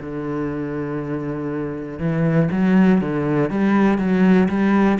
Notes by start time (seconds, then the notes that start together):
0.00 D3
2.00 E3
2.52 F#3
3.01 D3
3.50 G3
3.99 F#3
4.49 G3